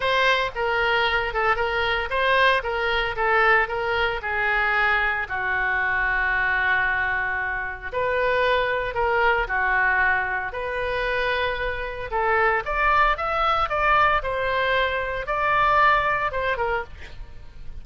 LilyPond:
\new Staff \with { instrumentName = "oboe" } { \time 4/4 \tempo 4 = 114 c''4 ais'4. a'8 ais'4 | c''4 ais'4 a'4 ais'4 | gis'2 fis'2~ | fis'2. b'4~ |
b'4 ais'4 fis'2 | b'2. a'4 | d''4 e''4 d''4 c''4~ | c''4 d''2 c''8 ais'8 | }